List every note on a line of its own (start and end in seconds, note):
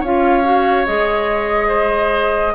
0.00 0.87 C#4
0.00 0.43 F4
0.00 1.68 C#5
0.00 0.87 F5
0.43 0.86 F#4
0.87 2.55 G#3
0.87 2.55 G#4
0.87 2.55 D#5
1.68 2.52 C5